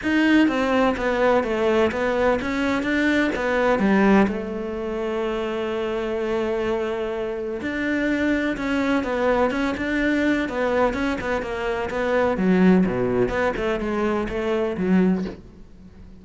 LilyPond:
\new Staff \with { instrumentName = "cello" } { \time 4/4 \tempo 4 = 126 dis'4 c'4 b4 a4 | b4 cis'4 d'4 b4 | g4 a2.~ | a1 |
d'2 cis'4 b4 | cis'8 d'4. b4 cis'8 b8 | ais4 b4 fis4 b,4 | b8 a8 gis4 a4 fis4 | }